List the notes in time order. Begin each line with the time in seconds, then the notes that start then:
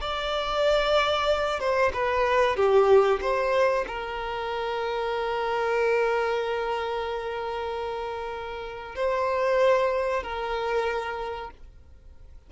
0.00 D5
1.60 C5
1.93 B4
2.56 G4
3.21 C5
3.87 A#4
8.95 C5
10.22 A#4